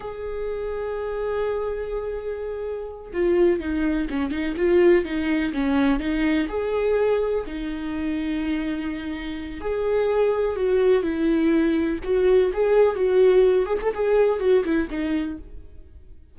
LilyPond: \new Staff \with { instrumentName = "viola" } { \time 4/4 \tempo 4 = 125 gis'1~ | gis'2~ gis'8 f'4 dis'8~ | dis'8 cis'8 dis'8 f'4 dis'4 cis'8~ | cis'8 dis'4 gis'2 dis'8~ |
dis'1 | gis'2 fis'4 e'4~ | e'4 fis'4 gis'4 fis'4~ | fis'8 gis'16 a'16 gis'4 fis'8 e'8 dis'4 | }